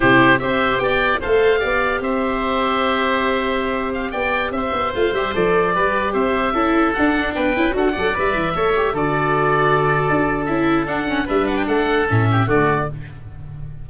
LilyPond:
<<
  \new Staff \with { instrumentName = "oboe" } { \time 4/4 \tempo 4 = 149 c''4 e''4 g''4 f''4~ | f''4 e''2.~ | e''4.~ e''16 f''8 g''4 e''8.~ | e''16 f''8 e''8 d''2 e''8.~ |
e''4~ e''16 fis''4 g''4 fis''8.~ | fis''16 e''2 d''4.~ d''16~ | d''2 e''4 fis''4 | e''8 fis''16 g''16 fis''4 e''4 d''4 | }
  \new Staff \with { instrumentName = "oboe" } { \time 4/4 g'4 c''4 d''4 c''4 | d''4 c''2.~ | c''2~ c''16 d''4 c''8.~ | c''2~ c''16 b'4 c''8.~ |
c''16 a'2 b'4 a'8 d''16~ | d''4~ d''16 cis''4 a'4.~ a'16~ | a'1 | b'4 a'4. g'8 fis'4 | }
  \new Staff \with { instrumentName = "viola" } { \time 4/4 e'4 g'2 a'4 | g'1~ | g'1~ | g'16 f'8 g'8 a'4 g'4.~ g'16~ |
g'16 e'4 d'4. e'8 fis'8 a'16~ | a'16 b'4 a'8 g'8 fis'4.~ fis'16~ | fis'2 e'4 d'8 cis'8 | d'2 cis'4 a4 | }
  \new Staff \with { instrumentName = "tuba" } { \time 4/4 c4 c'4 b4 a4 | b4 c'2.~ | c'2~ c'16 b4 c'8 b16~ | b16 a8 g8 f4 g4 c'8.~ |
c'16 cis'4 d'4 b8 cis'8 d'8 fis16~ | fis16 g8 e8 a4 d4.~ d16~ | d4 d'4 cis'4 d'4 | g4 a4 a,4 d4 | }
>>